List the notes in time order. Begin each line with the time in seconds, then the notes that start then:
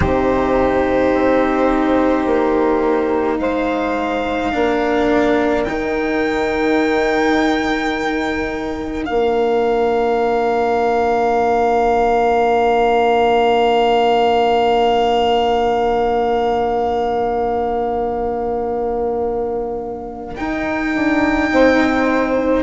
0.00 C3 D#4 G4 C5
1.13 C4
2.25 A#3
3.38 G#3 C5 F5
4.52 A#3 D4 A#4
5.63 D#3 D#4 G5
9.04 A#3 D4 F5
20.35 D#4 G5
20.95 D4
21.51 C4 C5